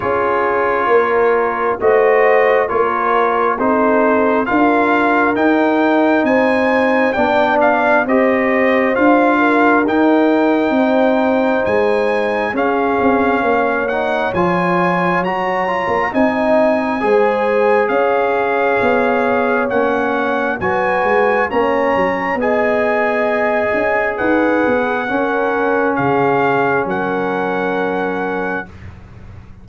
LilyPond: <<
  \new Staff \with { instrumentName = "trumpet" } { \time 4/4 \tempo 4 = 67 cis''2 dis''4 cis''4 | c''4 f''4 g''4 gis''4 | g''8 f''8 dis''4 f''4 g''4~ | g''4 gis''4 f''4. fis''8 |
gis''4 ais''4 gis''2 | f''2 fis''4 gis''4 | ais''4 gis''2 fis''4~ | fis''4 f''4 fis''2 | }
  \new Staff \with { instrumentName = "horn" } { \time 4/4 gis'4 ais'4 c''4 ais'4 | a'4 ais'2 c''4 | d''4 c''4. ais'4. | c''2 gis'4 cis''4~ |
cis''2 dis''4 c''4 | cis''2. b'4 | cis''4 dis''2 b'4 | ais'4 gis'4 ais'2 | }
  \new Staff \with { instrumentName = "trombone" } { \time 4/4 f'2 fis'4 f'4 | dis'4 f'4 dis'2 | d'4 g'4 f'4 dis'4~ | dis'2 cis'4. dis'8 |
f'4 fis'8 f'8 dis'4 gis'4~ | gis'2 cis'4 fis'4 | cis'4 gis'2. | cis'1 | }
  \new Staff \with { instrumentName = "tuba" } { \time 4/4 cis'4 ais4 a4 ais4 | c'4 d'4 dis'4 c'4 | b4 c'4 d'4 dis'4 | c'4 gis4 cis'8 c'8 ais4 |
f4 fis8. ais16 c'4 gis4 | cis'4 b4 ais4 fis8 gis8 | ais8 fis8 b4. cis'8 dis'8 b8 | cis'4 cis4 fis2 | }
>>